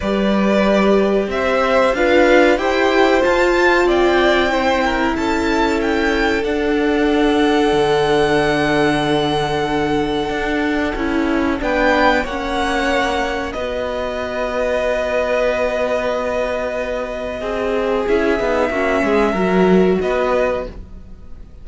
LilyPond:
<<
  \new Staff \with { instrumentName = "violin" } { \time 4/4 \tempo 4 = 93 d''2 e''4 f''4 | g''4 a''4 g''2 | a''4 g''4 fis''2~ | fis''1~ |
fis''2 g''4 fis''4~ | fis''4 dis''2.~ | dis''1 | e''2. dis''4 | }
  \new Staff \with { instrumentName = "violin" } { \time 4/4 b'2 c''4 b'4 | c''2 d''4 c''8 ais'8 | a'1~ | a'1~ |
a'2 b'4 cis''4~ | cis''4 b'2.~ | b'2. gis'4~ | gis'4 fis'8 gis'8 ais'4 b'4 | }
  \new Staff \with { instrumentName = "viola" } { \time 4/4 g'2. f'4 | g'4 f'2 e'4~ | e'2 d'2~ | d'1~ |
d'4 e'4 d'4 cis'4~ | cis'4 fis'2.~ | fis'1 | e'8 dis'8 cis'4 fis'2 | }
  \new Staff \with { instrumentName = "cello" } { \time 4/4 g2 c'4 d'4 | e'4 f'4 c'2 | cis'2 d'2 | d1 |
d'4 cis'4 b4 ais4~ | ais4 b2.~ | b2. c'4 | cis'8 b8 ais8 gis8 fis4 b4 | }
>>